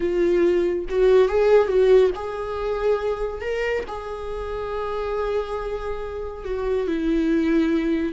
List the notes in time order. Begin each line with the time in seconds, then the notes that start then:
0.00 F4
0.89 F#4
1.28 G#4
1.68 F#4
2.15 G#4
3.41 A#4
3.87 G#4
6.44 F#4
6.87 E4